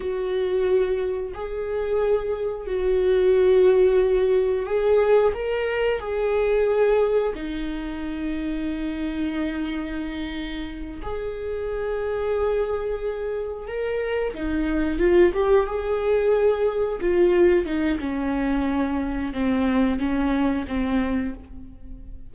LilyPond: \new Staff \with { instrumentName = "viola" } { \time 4/4 \tempo 4 = 90 fis'2 gis'2 | fis'2. gis'4 | ais'4 gis'2 dis'4~ | dis'1~ |
dis'8 gis'2.~ gis'8~ | gis'8 ais'4 dis'4 f'8 g'8 gis'8~ | gis'4. f'4 dis'8 cis'4~ | cis'4 c'4 cis'4 c'4 | }